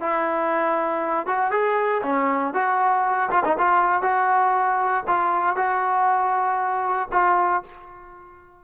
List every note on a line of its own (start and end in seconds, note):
0.00 1.27 E4
1.27 1.51 F#4
1.51 2.02 G#4
2.03 2.54 C#4
2.54 3.30 F#4
3.31 3.43 F4
3.44 3.57 D#4
3.58 4.02 F4
4.02 5.04 F#4
5.07 5.56 F4
5.56 7.09 F#4
7.12 7.63 F4